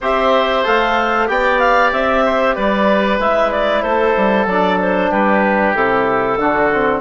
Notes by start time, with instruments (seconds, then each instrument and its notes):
0.01 bassoon C4, trombone G4, oboe C5, clarinet E5
0.64 bassoon A3, trombone A4, clarinet F5
1.26 bassoon B3, trombone G4, oboe D5, clarinet G5
1.59 clarinet F5
1.92 bassoon C4, clarinet E5
2.25 oboe C5
2.55 bassoon G3, oboe B4, clarinet D5
3.19 bassoon G#3, trombone E4, clarinet E5
3.51 clarinet D5
3.82 bassoon A3, oboe A4, clarinet C5
4.16 bassoon G3
4.46 bassoon F#3, trombone D4, clarinet D5
4.80 clarinet C5
5.10 bassoon G3, oboe G4, clarinet B4
5.75 bassoon C3, trombone E4, clarinet A4
6.37 bassoon D3, trombone D4, oboe F#4
6.72 trombone C4